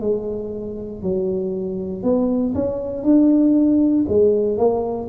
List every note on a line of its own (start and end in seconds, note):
0.00 1.02 G#3
1.02 2.03 F#3
2.03 2.54 B3
2.54 3.03 C#4
3.03 4.05 D4
4.08 4.57 G#3
4.57 5.08 A#3